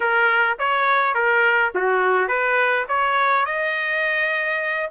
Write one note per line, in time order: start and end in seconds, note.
0.00 0.58 A#4
0.58 1.14 C#5
1.14 1.72 A#4
1.74 2.28 F#4
2.28 2.85 B4
2.88 3.45 C#5
3.45 4.90 D#5